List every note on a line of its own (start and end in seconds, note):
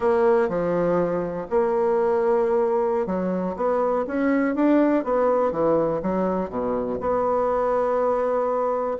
0.00 0.49 A#3
0.49 1.47 F3
1.50 3.06 A#3
3.06 3.55 F#3
3.56 4.05 B3
4.07 4.55 C#4
4.55 5.03 D4
5.03 5.51 B3
5.51 6.00 E3
6.02 6.49 F#3
6.49 6.99 B2
7.00 8.97 B3